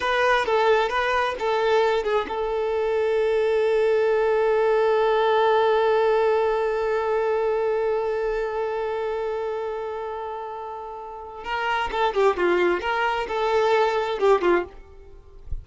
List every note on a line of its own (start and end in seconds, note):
0.00 0.45 B4
0.45 0.89 A4
0.89 1.35 B4
1.39 2.03 A4
2.03 2.26 G#4
2.28 11.44 A4
11.44 11.90 A#4
11.91 12.14 A4
12.14 12.36 G4
12.36 12.81 F4
12.81 13.26 A#4
13.28 14.19 A4
14.19 14.41 G4
14.41 14.64 F4